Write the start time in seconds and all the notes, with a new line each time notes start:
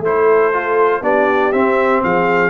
0.00 A3 E4 A4 C5
0.54 F4
1.02 B3 D4 G4 D5
1.53 C4 E5
2.04 F3 G#4 F5